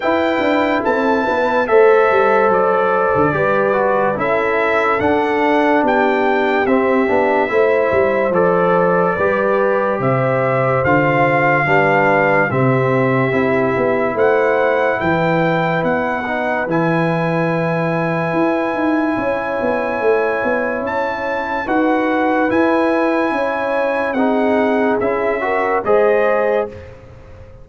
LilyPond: <<
  \new Staff \with { instrumentName = "trumpet" } { \time 4/4 \tempo 4 = 72 g''4 a''4 e''4 d''4~ | d''4 e''4 fis''4 g''4 | e''2 d''2 | e''4 f''2 e''4~ |
e''4 fis''4 g''4 fis''4 | gis''1~ | gis''4 a''4 fis''4 gis''4~ | gis''4 fis''4 e''4 dis''4 | }
  \new Staff \with { instrumentName = "horn" } { \time 4/4 b'4 a'8 b'8 c''2 | b'4 a'2 g'4~ | g'4 c''2 b'4 | c''2 b'4 g'4~ |
g'4 c''4 b'2~ | b'2. cis''4~ | cis''2 b'2 | cis''4 gis'4. ais'8 c''4 | }
  \new Staff \with { instrumentName = "trombone" } { \time 4/4 e'2 a'2 | g'8 fis'8 e'4 d'2 | c'8 d'8 e'4 a'4 g'4~ | g'4 f'4 d'4 c'4 |
e'2.~ e'8 dis'8 | e'1~ | e'2 fis'4 e'4~ | e'4 dis'4 e'8 fis'8 gis'4 | }
  \new Staff \with { instrumentName = "tuba" } { \time 4/4 e'8 d'8 c'8 b8 a8 g8 fis8. d16 | g4 cis'4 d'4 b4 | c'8 b8 a8 g8 f4 g4 | c4 d4 g4 c4 |
c'8 b8 a4 e4 b4 | e2 e'8 dis'8 cis'8 b8 | a8 b8 cis'4 dis'4 e'4 | cis'4 c'4 cis'4 gis4 | }
>>